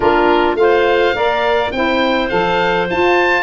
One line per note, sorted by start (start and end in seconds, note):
0.00 0.54 A#3
0.00 0.56 D4
0.00 0.57 F4
0.00 0.56 A#4
0.54 1.12 A3
0.54 1.14 F4
0.54 1.71 F5
0.60 1.15 C5
1.13 1.71 A#3
1.13 1.72 A#4
1.13 1.73 D5
1.71 2.30 C4
1.71 2.30 E4
1.71 3.43 C5
1.71 2.29 G5
2.29 2.89 F3
2.29 2.87 A4
2.29 2.86 F5
2.90 3.43 F4
2.90 3.43 A5